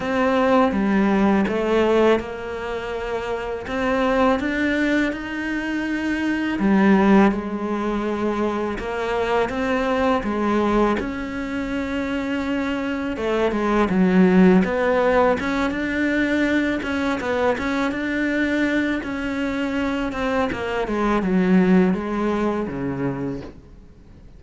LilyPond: \new Staff \with { instrumentName = "cello" } { \time 4/4 \tempo 4 = 82 c'4 g4 a4 ais4~ | ais4 c'4 d'4 dis'4~ | dis'4 g4 gis2 | ais4 c'4 gis4 cis'4~ |
cis'2 a8 gis8 fis4 | b4 cis'8 d'4. cis'8 b8 | cis'8 d'4. cis'4. c'8 | ais8 gis8 fis4 gis4 cis4 | }